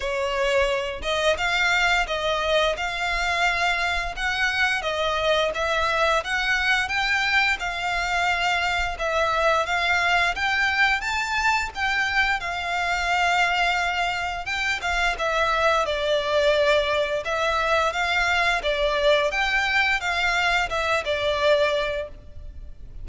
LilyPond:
\new Staff \with { instrumentName = "violin" } { \time 4/4 \tempo 4 = 87 cis''4. dis''8 f''4 dis''4 | f''2 fis''4 dis''4 | e''4 fis''4 g''4 f''4~ | f''4 e''4 f''4 g''4 |
a''4 g''4 f''2~ | f''4 g''8 f''8 e''4 d''4~ | d''4 e''4 f''4 d''4 | g''4 f''4 e''8 d''4. | }